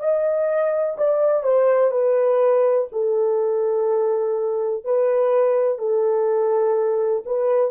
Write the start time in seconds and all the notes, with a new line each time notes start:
0.00 D#5
0.98 D5
1.43 C5
1.91 B4
2.93 A4
4.85 B4
5.79 A4
7.26 B4